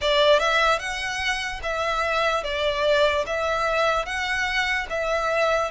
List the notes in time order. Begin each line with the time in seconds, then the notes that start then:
0.01 D5
0.39 E5
0.79 F#5
1.62 E5
2.43 D5
3.26 E5
4.05 F#5
4.89 E5